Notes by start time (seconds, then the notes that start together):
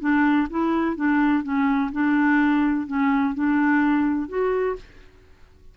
0.00 D4
0.50 E4
0.96 D4
1.43 C#4
1.92 D4
2.87 C#4
3.34 D4
4.29 F#4